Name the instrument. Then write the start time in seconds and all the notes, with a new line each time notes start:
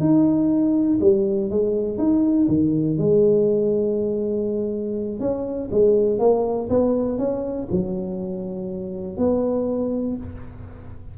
tuba
0.00 D#4
1.01 G3
1.50 G#3
1.98 D#4
2.48 D#3
2.98 G#3
5.20 C#4
5.71 G#3
6.19 A#3
6.69 B3
7.18 C#4
7.71 F#3
9.18 B3